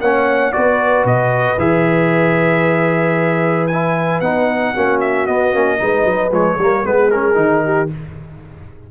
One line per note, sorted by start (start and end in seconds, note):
0.00 0.53 A#3
0.00 0.52 C#4
0.00 0.53 C#5
0.00 0.52 F#5
0.52 1.04 B3
0.52 1.57 F#4
0.52 4.72 B4
0.52 1.05 D5
1.04 1.57 B2
1.04 1.59 D#5
1.57 4.21 E3
1.57 3.69 G#4
1.57 3.67 E5
3.67 4.23 E4
3.67 4.19 G#5
4.20 4.73 B3
4.20 4.75 D#4
4.20 4.99 F#5
4.72 5.27 A#3
4.72 5.27 C#4
4.72 5.78 F#4
5.00 5.26 E5
5.26 5.53 B3
5.26 6.31 D#5
5.53 5.79 A#3
5.53 5.78 C#4
5.78 6.04 G#3
5.78 6.30 D#4
5.78 6.59 B4
6.04 6.31 F#3
6.31 6.57 F3
6.31 6.58 G#3
6.31 6.85 C#5
6.58 6.84 G3
6.58 6.85 A#3
6.58 6.87 A#4
6.85 7.35 G#3
6.85 7.11 B3
6.85 7.64 G#4
6.85 7.10 B4
7.10 7.34 C#4
7.10 7.89 A#4
7.34 7.88 D#3
7.34 7.87 D#4
7.64 7.90 G4